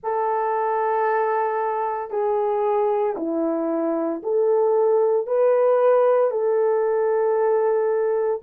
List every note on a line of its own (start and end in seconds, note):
0.03 2.10 A4
2.10 3.15 G#4
3.16 4.22 E4
4.22 5.26 A4
5.26 6.30 B4
6.30 8.41 A4